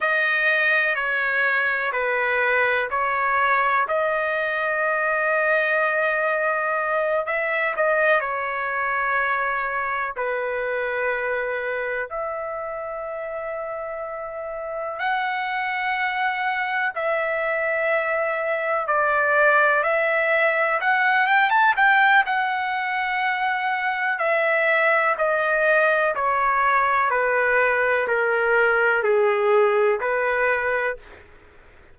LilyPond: \new Staff \with { instrumentName = "trumpet" } { \time 4/4 \tempo 4 = 62 dis''4 cis''4 b'4 cis''4 | dis''2.~ dis''8 e''8 | dis''8 cis''2 b'4.~ | b'8 e''2. fis''8~ |
fis''4. e''2 d''8~ | d''8 e''4 fis''8 g''16 a''16 g''8 fis''4~ | fis''4 e''4 dis''4 cis''4 | b'4 ais'4 gis'4 b'4 | }